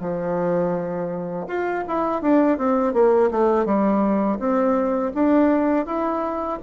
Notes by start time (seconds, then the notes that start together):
0.00 F3
1.47 F4
1.88 E4
2.22 D4
2.57 C4
2.93 A#3
3.31 A3
3.65 G3
4.39 C4
5.14 D4
5.85 E4